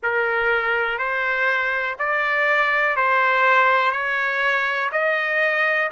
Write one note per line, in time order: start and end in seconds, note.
0.03 0.98 A#4
0.98 1.96 C5
1.99 2.96 D5
2.96 3.91 C5
3.91 4.90 C#5
4.92 5.90 D#5